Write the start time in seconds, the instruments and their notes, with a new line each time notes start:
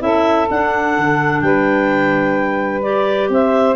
0.00 tuba C#4, clarinet E4 E5, saxophone A4
0.50 tuba D4, clarinet D4 F#5
0.98 tuba D3
1.41 tuba G3, saxophone B4, clarinet G5
2.82 clarinet G4 D5
3.29 tuba C4, saxophone C5, clarinet E5